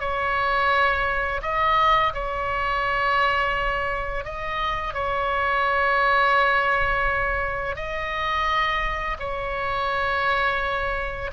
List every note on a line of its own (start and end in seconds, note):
0.00 1.41 C#5
1.42 2.13 D#5
2.14 4.25 C#5
4.25 4.94 D#5
4.94 7.76 C#5
7.76 9.17 D#5
9.20 11.31 C#5